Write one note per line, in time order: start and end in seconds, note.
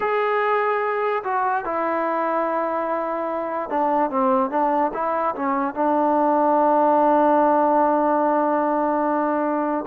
0.00 1.23 G#4
1.23 1.64 F#4
1.64 3.69 E4
3.69 4.10 D4
4.10 4.50 C4
4.50 4.91 D4
4.93 5.34 E4
5.35 5.74 C#4
5.74 9.85 D4